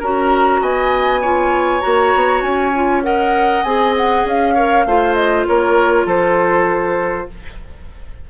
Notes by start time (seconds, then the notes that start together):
0.00 C#4 F#4 A#4 A#5
0.61 B3 D#5 G#5
1.21 F4 C#5
1.81 A#3 F#4 A#5
2.15 B3
2.42 C#4 G#5
2.75 F4
3.03 A#4 D#5 F#5
3.64 C4 G#4 G#5
3.97 F#5
4.25 C#4 F5
4.55 A#4 C#5
4.85 A3 F4 C5
5.15 D#5
5.47 A#3 A#4 C#5
6.06 F3 A4 C5